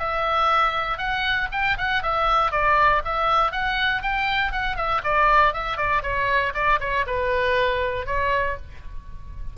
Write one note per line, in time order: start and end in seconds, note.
0.00 0.98 E5
0.98 1.49 F#5
1.52 1.78 G5
1.78 2.03 F#5
2.03 2.52 E5
2.52 3.03 D5
3.05 3.52 E5
3.52 4.03 F#5
4.03 4.52 G5
4.52 4.77 F#5
4.77 5.02 E5
5.04 5.54 D5
5.54 5.77 E5
5.77 6.03 D5
6.03 6.54 C#5
6.55 6.80 D5
6.81 7.06 C#5
7.07 8.07 B4
8.07 8.57 C#5